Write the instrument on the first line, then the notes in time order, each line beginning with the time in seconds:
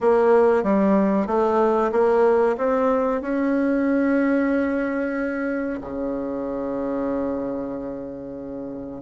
bassoon
0.00 A#3
0.63 G3
1.26 A3
1.91 A#3
2.57 C4
3.21 C#4
5.81 C#3